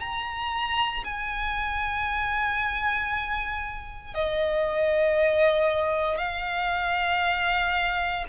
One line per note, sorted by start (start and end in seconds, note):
0.00 1.03 A#5
1.04 4.14 G#5
4.14 6.18 D#5
6.18 8.25 F5